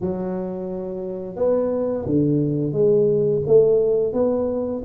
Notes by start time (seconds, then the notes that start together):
0.00 F#3
1.35 B3
2.05 D3
2.72 G#3
3.46 A3
4.13 B3